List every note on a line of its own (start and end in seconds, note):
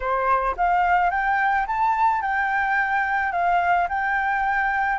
0.00 0.55 C5
0.57 1.10 F5
1.10 1.66 G5
1.66 2.21 A5
2.21 3.32 G5
3.32 3.87 F5
3.88 4.98 G5